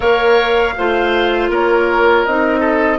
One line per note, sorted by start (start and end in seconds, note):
0.00 0.73 A#3
0.00 0.75 A#4
0.00 0.74 C#5
0.00 1.50 F5
0.77 1.49 A3
0.77 2.27 F4
0.77 1.50 C5
1.49 2.24 A#3
1.49 2.60 A#4
1.49 2.25 C#5
2.25 2.99 C4
2.25 2.99 D#4
2.25 2.99 D#5
2.60 2.97 A4